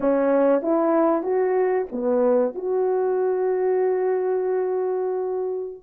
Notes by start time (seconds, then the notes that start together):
0.00 C#4
0.61 E4
1.23 F#4
1.92 B3
2.54 F#4